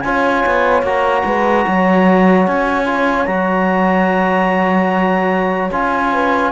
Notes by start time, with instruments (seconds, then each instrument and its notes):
0.00 cello C#4, trombone F4, horn C#5, clarinet G#5
0.46 cello B3
0.82 cello A#3, trombone F#4, clarinet A#5
1.24 cello G#3, horn B4
1.66 cello F#3, horn C#5
2.47 cello C#4, clarinet G#5
2.85 trombone F4
3.26 cello F#3, trombone F#4, clarinet A#5
5.71 cello C#4, trombone F4, clarinet G#5
6.12 horn B4